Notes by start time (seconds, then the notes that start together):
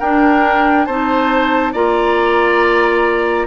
0.00 D4 A#4 G5
0.86 C4 D#4 C5 A5
1.73 A#3 F4 D5 A#5